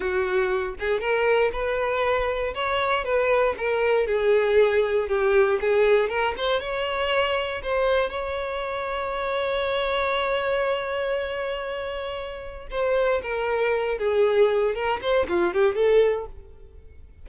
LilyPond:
\new Staff \with { instrumentName = "violin" } { \time 4/4 \tempo 4 = 118 fis'4. gis'8 ais'4 b'4~ | b'4 cis''4 b'4 ais'4 | gis'2 g'4 gis'4 | ais'8 c''8 cis''2 c''4 |
cis''1~ | cis''1~ | cis''4 c''4 ais'4. gis'8~ | gis'4 ais'8 c''8 f'8 g'8 a'4 | }